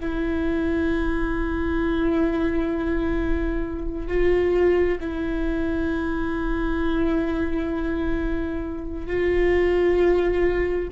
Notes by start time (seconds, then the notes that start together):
0.00 E4
4.08 F4
5.01 E4
9.07 F4